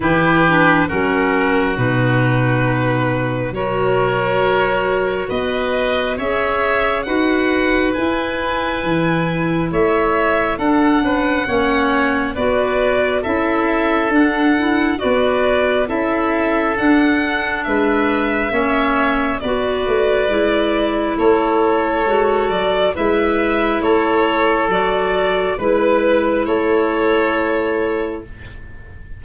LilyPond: <<
  \new Staff \with { instrumentName = "violin" } { \time 4/4 \tempo 4 = 68 b'4 ais'4 b'2 | cis''2 dis''4 e''4 | fis''4 gis''2 e''4 | fis''2 d''4 e''4 |
fis''4 d''4 e''4 fis''4 | e''2 d''2 | cis''4. d''8 e''4 cis''4 | d''4 b'4 cis''2 | }
  \new Staff \with { instrumentName = "oboe" } { \time 4/4 g'4 fis'2. | ais'2 b'4 cis''4 | b'2. cis''4 | a'8 b'8 cis''4 b'4 a'4~ |
a'4 b'4 a'2 | b'4 cis''4 b'2 | a'2 b'4 a'4~ | a'4 b'4 a'2 | }
  \new Staff \with { instrumentName = "clarinet" } { \time 4/4 e'8 d'8 cis'4 dis'2 | fis'2. gis'4 | fis'4 e'2. | d'4 cis'4 fis'4 e'4 |
d'8 e'8 fis'4 e'4 d'4~ | d'4 cis'4 fis'4 e'4~ | e'4 fis'4 e'2 | fis'4 e'2. | }
  \new Staff \with { instrumentName = "tuba" } { \time 4/4 e4 fis4 b,2 | fis2 b4 cis'4 | dis'4 e'4 e4 a4 | d'8 cis'8 ais4 b4 cis'4 |
d'4 b4 cis'4 d'4 | gis4 ais4 b8 a8 gis4 | a4 gis8 fis8 gis4 a4 | fis4 gis4 a2 | }
>>